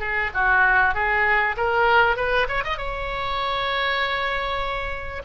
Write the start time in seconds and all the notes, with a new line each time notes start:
0.00 G#4
0.34 F#4
0.95 G#4
1.57 A#4
2.17 B4
2.49 C#5
2.64 D#5
2.78 C#5